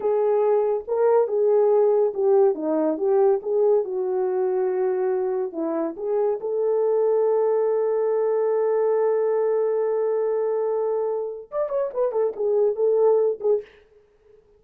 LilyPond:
\new Staff \with { instrumentName = "horn" } { \time 4/4 \tempo 4 = 141 gis'2 ais'4 gis'4~ | gis'4 g'4 dis'4 g'4 | gis'4 fis'2.~ | fis'4 e'4 gis'4 a'4~ |
a'1~ | a'1~ | a'2. d''8 cis''8 | b'8 a'8 gis'4 a'4. gis'8 | }